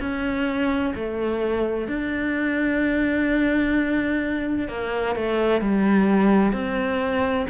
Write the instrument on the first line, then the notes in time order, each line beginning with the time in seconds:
cello
0.00 C#4
0.95 A3
1.88 D4
4.69 A#3
5.16 A3
5.62 G3
6.53 C4